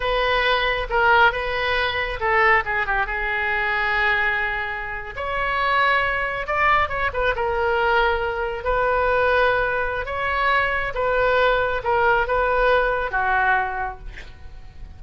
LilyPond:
\new Staff \with { instrumentName = "oboe" } { \time 4/4 \tempo 4 = 137 b'2 ais'4 b'4~ | b'4 a'4 gis'8 g'8 gis'4~ | gis'2.~ gis'8. cis''16~ | cis''2~ cis''8. d''4 cis''16~ |
cis''16 b'8 ais'2. b'16~ | b'2. cis''4~ | cis''4 b'2 ais'4 | b'2 fis'2 | }